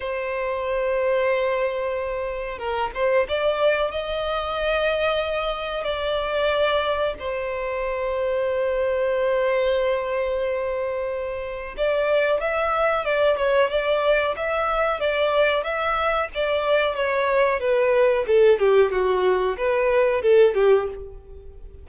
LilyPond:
\new Staff \with { instrumentName = "violin" } { \time 4/4 \tempo 4 = 92 c''1 | ais'8 c''8 d''4 dis''2~ | dis''4 d''2 c''4~ | c''1~ |
c''2 d''4 e''4 | d''8 cis''8 d''4 e''4 d''4 | e''4 d''4 cis''4 b'4 | a'8 g'8 fis'4 b'4 a'8 g'8 | }